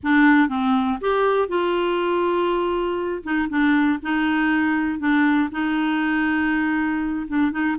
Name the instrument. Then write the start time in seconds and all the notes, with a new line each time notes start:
clarinet
0.03 D4
0.49 C4
1.00 G4
1.48 F4
3.23 D#4
3.49 D4
4.02 D#4
4.99 D4
5.51 D#4
7.27 D4
7.51 D#4